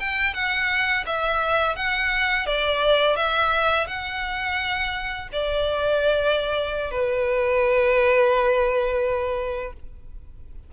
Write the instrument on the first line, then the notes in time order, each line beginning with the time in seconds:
violin
0.00 G5
0.34 F#5
1.07 E5
1.76 F#5
2.46 D5
3.17 E5
3.88 F#5
5.33 D5
6.91 B4